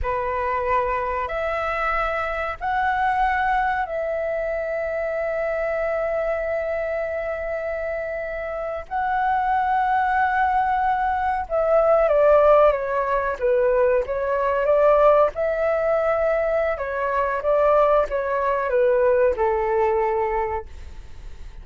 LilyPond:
\new Staff \with { instrumentName = "flute" } { \time 4/4 \tempo 4 = 93 b'2 e''2 | fis''2 e''2~ | e''1~ | e''4.~ e''16 fis''2~ fis''16~ |
fis''4.~ fis''16 e''4 d''4 cis''16~ | cis''8. b'4 cis''4 d''4 e''16~ | e''2 cis''4 d''4 | cis''4 b'4 a'2 | }